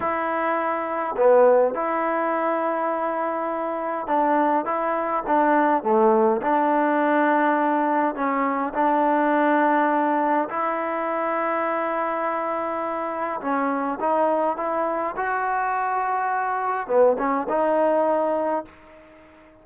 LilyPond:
\new Staff \with { instrumentName = "trombone" } { \time 4/4 \tempo 4 = 103 e'2 b4 e'4~ | e'2. d'4 | e'4 d'4 a4 d'4~ | d'2 cis'4 d'4~ |
d'2 e'2~ | e'2. cis'4 | dis'4 e'4 fis'2~ | fis'4 b8 cis'8 dis'2 | }